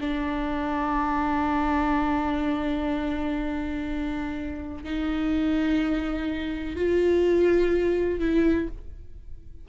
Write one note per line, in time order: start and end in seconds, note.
0.00 4.84 D4
4.84 6.76 D#4
6.76 8.19 F4
8.19 8.68 E4